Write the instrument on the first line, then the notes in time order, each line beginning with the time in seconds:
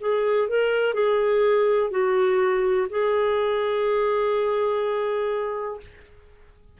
clarinet
0.00 G#4
0.48 A#4
0.94 G#4
1.90 F#4
2.90 G#4